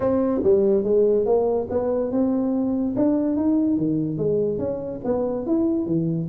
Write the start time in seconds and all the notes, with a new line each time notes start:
0.00 C4
0.43 G3
0.83 G#3
1.25 A#3
1.70 B3
2.11 C4
2.96 D4
3.36 D#4
3.77 D#3
4.17 G#3
4.58 C#4
5.04 B3
5.46 E4
5.86 E3